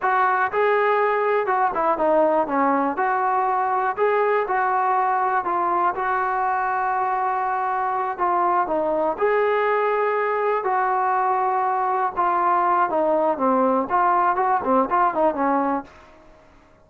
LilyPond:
\new Staff \with { instrumentName = "trombone" } { \time 4/4 \tempo 4 = 121 fis'4 gis'2 fis'8 e'8 | dis'4 cis'4 fis'2 | gis'4 fis'2 f'4 | fis'1~ |
fis'8 f'4 dis'4 gis'4.~ | gis'4. fis'2~ fis'8~ | fis'8 f'4. dis'4 c'4 | f'4 fis'8 c'8 f'8 dis'8 cis'4 | }